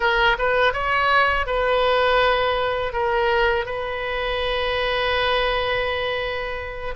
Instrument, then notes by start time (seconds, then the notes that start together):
oboe
0.00 A#4
0.38 B4
0.73 C#5
1.46 B4
2.92 A#4
3.65 B4